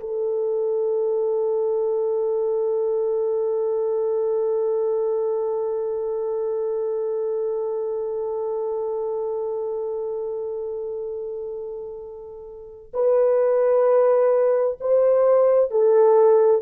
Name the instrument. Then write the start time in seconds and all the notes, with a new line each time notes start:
horn
0.00 A4
12.93 B4
14.80 C5
15.70 A4